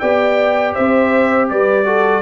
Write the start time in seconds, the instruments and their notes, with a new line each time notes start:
0.00 tuba B3, trombone G4, horn D5, trumpet G5
0.74 tuba C4, horn C5, trumpet E5
1.50 tuba G3, horn B4, trumpet D5
1.85 trombone F#4, horn A4